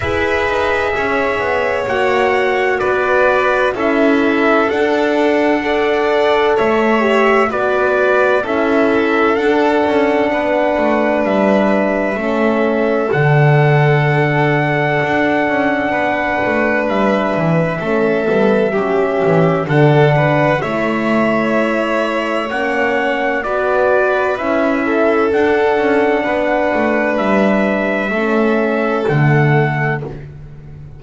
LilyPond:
<<
  \new Staff \with { instrumentName = "trumpet" } { \time 4/4 \tempo 4 = 64 e''2 fis''4 d''4 | e''4 fis''2 e''4 | d''4 e''4 fis''2 | e''2 fis''2~ |
fis''2 e''2~ | e''4 fis''4 e''2 | fis''4 d''4 e''4 fis''4~ | fis''4 e''2 fis''4 | }
  \new Staff \with { instrumentName = "violin" } { \time 4/4 b'4 cis''2 b'4 | a'2 d''4 cis''4 | b'4 a'2 b'4~ | b'4 a'2.~ |
a'4 b'2 a'4 | g'4 a'8 b'8 cis''2~ | cis''4 b'4. a'4. | b'2 a'2 | }
  \new Staff \with { instrumentName = "horn" } { \time 4/4 gis'2 fis'2 | e'4 d'4 a'4. g'8 | fis'4 e'4 d'2~ | d'4 cis'4 d'2~ |
d'2. cis'8 b8 | cis'4 d'4 e'2 | cis'4 fis'4 e'4 d'4~ | d'2 cis'4 a4 | }
  \new Staff \with { instrumentName = "double bass" } { \time 4/4 e'8 dis'8 cis'8 b8 ais4 b4 | cis'4 d'2 a4 | b4 cis'4 d'8 cis'8 b8 a8 | g4 a4 d2 |
d'8 cis'8 b8 a8 g8 e8 a8 g8 | fis8 e8 d4 a2 | ais4 b4 cis'4 d'8 cis'8 | b8 a8 g4 a4 d4 | }
>>